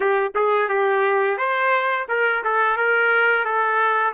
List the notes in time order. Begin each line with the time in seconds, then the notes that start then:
0.00 G4
0.34 G#4
0.69 G4
1.37 C5
2.08 A#4
2.44 A4
2.76 A#4
3.44 A4